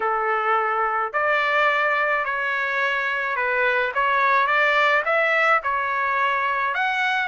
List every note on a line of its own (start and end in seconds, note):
0.00 1.12 A4
1.12 2.24 D5
2.24 3.35 C#5
3.35 3.92 B4
3.94 4.47 C#5
4.47 5.03 D5
5.05 5.61 E5
5.63 6.74 C#5
6.74 7.28 F#5